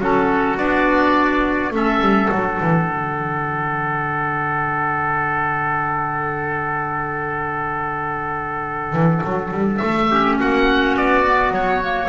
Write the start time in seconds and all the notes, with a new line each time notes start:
0.00 F#3 C#4 F#4 A4
0.57 B3 D4 D5
1.71 A3 C#4 A4 E5
2.00 G3
2.30 F#3 D4 F#5
2.61 E3
2.89 D3
8.93 E3
9.24 F#3
9.51 G3
9.77 A3 E5
10.11 C#4 G4
10.39 A#3 F#4 F#5
10.96 B3 D5
11.25 B3
11.51 F#3 C#5
11.83 A#3